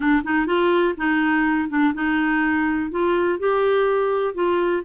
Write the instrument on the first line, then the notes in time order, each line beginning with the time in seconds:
clarinet
0.00 D4
0.24 D#4
0.46 F4
0.97 D#4
1.69 D4
1.94 D#4
2.90 F4
3.39 G4
4.34 F4